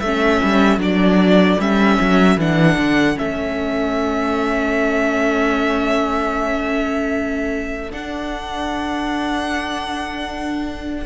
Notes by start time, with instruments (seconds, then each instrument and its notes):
0.00 cello A3, viola C#4, violin A4 E5
0.44 cello G3
0.78 cello F#3, viola D4, violin D5
1.59 cello G3, viola C#4, violin E5
2.00 cello F#3
2.38 cello E3, viola D4, violin F#5
2.78 cello D3
3.16 cello A3, viola C#4, violin E5
7.91 cello D4, viola D4, violin F#5